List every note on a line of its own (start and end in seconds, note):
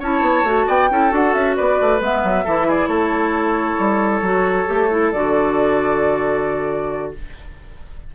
0.00 0.22 C#4
0.00 0.45 E4
0.00 0.67 C#5
0.00 0.69 A5
0.22 0.44 B3
0.44 0.66 A3
0.44 0.90 F#4
0.67 0.91 B3
0.67 0.90 D5
0.67 1.14 G5
0.91 1.13 C#4
0.91 1.11 E4
0.91 1.57 A4
1.11 1.35 D4
1.11 2.00 F#4
1.11 1.34 F#5
1.34 1.57 C#4
1.34 1.56 E5
1.56 1.81 B3
1.56 2.45 B4
1.56 2.01 D5
1.81 2.01 A3
2.01 2.23 G#3
2.01 2.46 B3
2.01 2.70 E5
2.24 2.46 F#3
2.45 2.88 E3
2.45 4.24 E4
2.45 2.67 A4
2.68 2.89 G#4
2.68 2.87 D5
2.87 3.77 A3
2.87 7.11 A4
2.87 5.09 C#5
3.79 4.22 G3
4.22 4.66 F#3
4.22 4.67 F#4
4.67 5.14 A3
4.67 4.89 G4
4.91 5.13 E4
5.12 7.14 D3
5.12 7.15 F#4
5.12 7.12 D5